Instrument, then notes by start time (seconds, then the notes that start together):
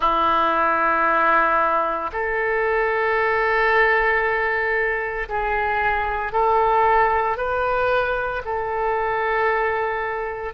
oboe
0.00 E4
2.12 A4
5.29 G#4
6.32 A4
7.37 B4
8.44 A4